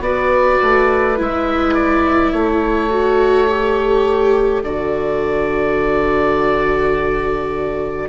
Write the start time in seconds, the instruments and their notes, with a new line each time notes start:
0.00 bassoon B3, viola F#4, flute B4, oboe D5
0.62 bassoon A3
1.17 bassoon G#3, viola E4, oboe E5
1.74 oboe D5
2.31 bassoon A3, flute A4, oboe C#5
2.89 viola F#4
3.48 viola G4
4.62 bassoon D3, viola F#4, oboe D5